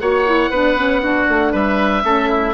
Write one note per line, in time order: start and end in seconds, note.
0.00 0.50 A#3
0.00 0.26 F#4
0.00 0.50 C#5
0.00 1.53 F#5
0.26 0.52 E4
0.50 1.26 B3
0.50 0.78 D4
0.50 1.01 B4
0.78 1.02 C#4
1.02 2.02 D4
1.02 1.52 F#4
1.28 1.53 A3
1.52 2.03 G3
1.52 2.03 B4
1.52 2.53 E5
2.02 2.53 A3
2.02 2.53 C#4
2.02 2.28 A4
2.28 2.53 E4